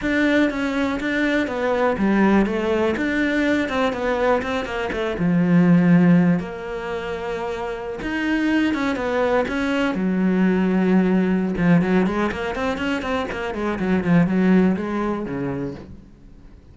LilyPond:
\new Staff \with { instrumentName = "cello" } { \time 4/4 \tempo 4 = 122 d'4 cis'4 d'4 b4 | g4 a4 d'4. c'8 | b4 c'8 ais8 a8 f4.~ | f4 ais2.~ |
ais16 dis'4. cis'8 b4 cis'8.~ | cis'16 fis2.~ fis16 f8 | fis8 gis8 ais8 c'8 cis'8 c'8 ais8 gis8 | fis8 f8 fis4 gis4 cis4 | }